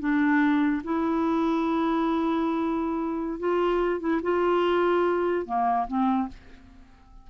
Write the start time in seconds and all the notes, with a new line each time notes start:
0.00 D4
0.84 E4
3.40 F4
4.00 E4
4.23 F4
5.46 A#3
5.87 C4